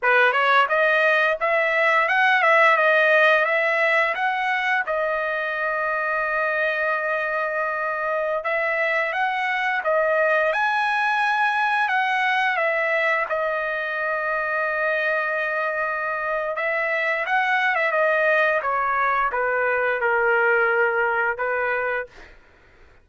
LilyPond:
\new Staff \with { instrumentName = "trumpet" } { \time 4/4 \tempo 4 = 87 b'8 cis''8 dis''4 e''4 fis''8 e''8 | dis''4 e''4 fis''4 dis''4~ | dis''1~ | dis''16 e''4 fis''4 dis''4 gis''8.~ |
gis''4~ gis''16 fis''4 e''4 dis''8.~ | dis''1 | e''4 fis''8. e''16 dis''4 cis''4 | b'4 ais'2 b'4 | }